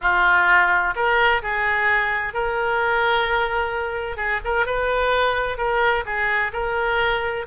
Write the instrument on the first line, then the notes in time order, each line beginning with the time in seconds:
oboe
0.01 F4
0.95 A#4
1.42 G#4
2.33 A#4
4.16 G#4
4.44 A#4
4.66 B4
5.57 A#4
6.05 G#4
6.52 A#4